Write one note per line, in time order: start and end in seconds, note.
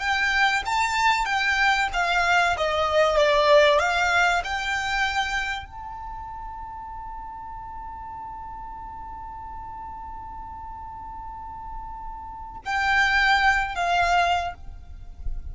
0.00 0.63 G5
0.66 1.26 A5
1.26 1.89 G5
1.94 2.57 F5
2.58 3.17 D#5
3.17 3.80 D5
3.80 4.43 F5
4.44 5.66 G5
5.66 12.61 A5
12.65 13.75 G5
13.75 14.54 F5